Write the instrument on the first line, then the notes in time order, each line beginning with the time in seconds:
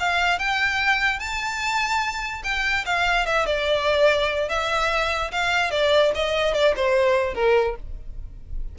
violin
0.00 F5
0.39 G5
1.20 A5
2.44 G5
2.86 F5
3.26 E5
3.46 D5
4.49 E5
5.32 F5
5.71 D5
6.15 D#5
6.54 D5
6.76 C5
7.35 A#4